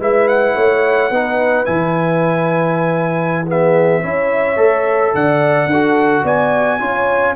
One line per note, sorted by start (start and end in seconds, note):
0.00 0.56 G#3
0.00 1.11 E4
0.00 0.56 B4
0.00 0.28 E5
0.28 1.66 F#5
0.56 1.11 A3
0.56 1.11 C#5
1.11 1.67 B3
1.11 1.66 D#4
1.11 3.47 B4
1.66 4.04 E3
1.66 3.46 E4
1.66 3.46 G#5
3.48 4.03 B3
3.48 4.02 G#4
3.48 5.15 E5
4.02 4.57 C#4
4.02 4.57 E4
4.02 5.13 C#5
4.57 5.13 A3
4.57 5.69 A4
5.15 5.67 D3
5.15 5.71 D5
5.15 6.26 F#5
5.67 6.22 D4
5.67 6.24 A4
5.74 6.81 F#4
6.24 6.80 B3
6.24 6.80 D5
6.24 7.36 G#5
6.80 7.36 C#4
6.80 7.36 F4
6.80 7.36 C#5